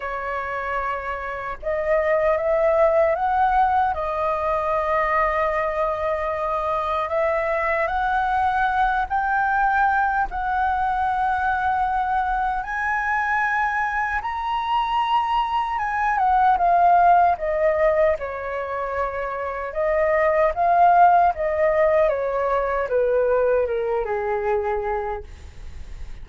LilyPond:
\new Staff \with { instrumentName = "flute" } { \time 4/4 \tempo 4 = 76 cis''2 dis''4 e''4 | fis''4 dis''2.~ | dis''4 e''4 fis''4. g''8~ | g''4 fis''2. |
gis''2 ais''2 | gis''8 fis''8 f''4 dis''4 cis''4~ | cis''4 dis''4 f''4 dis''4 | cis''4 b'4 ais'8 gis'4. | }